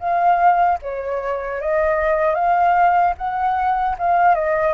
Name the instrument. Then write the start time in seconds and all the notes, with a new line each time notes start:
flute
0.00 F5
0.83 C#5
1.61 D#5
2.35 F5
3.18 F#5
3.99 F5
4.35 D#5